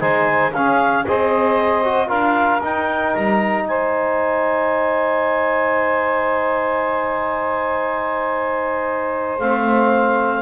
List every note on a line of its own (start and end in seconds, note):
0.00 0.53 G#3
0.00 0.52 D#4
0.00 0.52 C5
0.00 0.53 G#5
0.52 1.06 C#4
0.52 1.07 C#4
0.52 1.05 G#4
0.52 1.05 F5
1.07 2.11 C4
1.07 1.84 G#4
1.07 2.07 C5
1.07 2.09 D#5
1.84 2.07 F#4
2.07 2.63 D4
2.07 2.59 F4
2.07 3.64 A#4
2.07 2.61 F5
2.63 9.41 D#4
2.63 3.15 D#4
2.63 3.15 G5
3.15 3.67 G3
3.15 3.67 A#5
3.67 9.40 G#3
3.67 10.42 C5
3.67 9.40 G#5
9.40 10.42 A3
9.40 10.42 C4
9.40 10.42 F5